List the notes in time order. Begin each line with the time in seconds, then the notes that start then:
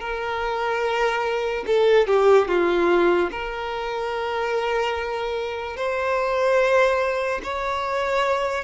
0.00 A#4
1.67 A4
2.07 G4
2.48 F4
3.31 A#4
5.76 C5
7.43 C#5